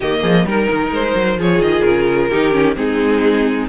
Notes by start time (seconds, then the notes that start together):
0.00 D#3 A#3 G4 D#5
0.21 F3 G#4
0.45 G3 D#4 A#4
0.71 D#3
0.90 G#3 C5
1.15 F#3
1.37 F3 F4 G#4 C#5
1.58 D#3 D#5
1.82 C#3 A#4
2.30 D#3 D#4 G4
2.51 C#4
2.75 G#3 C4 D#4 G#4